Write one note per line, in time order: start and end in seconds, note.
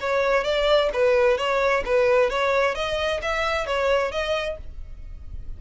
0.00 0.44 C#5
0.44 0.90 D5
0.93 1.37 B4
1.37 1.83 C#5
1.85 2.30 B4
2.30 2.75 C#5
2.75 3.20 D#5
3.22 3.66 E5
3.66 4.11 C#5
4.11 4.57 D#5